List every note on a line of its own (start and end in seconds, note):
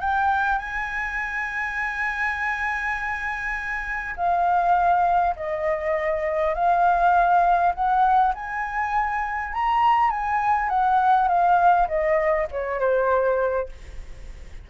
0.00 0.58 G5
0.58 4.14 G#5
4.16 5.35 F5
5.36 6.54 D#5
6.54 7.73 F5
7.74 8.34 F#5
8.34 9.53 G#5
9.53 10.10 A#5
10.10 10.69 G#5
10.69 11.28 F#5
11.28 11.87 F5
11.88 12.47 D#5
12.51 12.80 C#5
12.80 13.69 C5